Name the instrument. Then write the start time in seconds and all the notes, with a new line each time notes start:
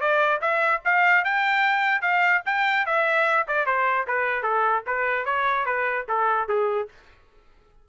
trumpet
0.00 D5
0.41 E5
0.85 F5
1.24 G5
2.01 F5
2.45 G5
2.86 E5
3.47 D5
3.66 C5
4.07 B4
4.43 A4
4.86 B4
5.25 C#5
5.65 B4
6.08 A4
6.48 G#4